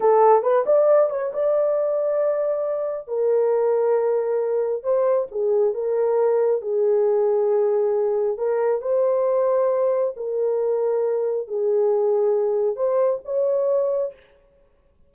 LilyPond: \new Staff \with { instrumentName = "horn" } { \time 4/4 \tempo 4 = 136 a'4 b'8 d''4 cis''8 d''4~ | d''2. ais'4~ | ais'2. c''4 | gis'4 ais'2 gis'4~ |
gis'2. ais'4 | c''2. ais'4~ | ais'2 gis'2~ | gis'4 c''4 cis''2 | }